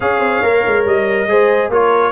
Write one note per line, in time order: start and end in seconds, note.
0.00 0.19 C#4
0.00 0.43 G#4
0.00 1.29 C#5
0.00 0.85 F5
0.19 0.41 C4
0.42 0.63 A#3
0.42 1.28 A#4
0.66 0.85 G#3
0.85 1.26 G3
0.85 1.71 D#5
1.26 1.69 G#3
1.26 1.71 G#4
1.26 1.70 C5
1.69 2.11 A#3
1.69 2.11 F4
1.69 2.11 A#4
1.69 2.11 C#5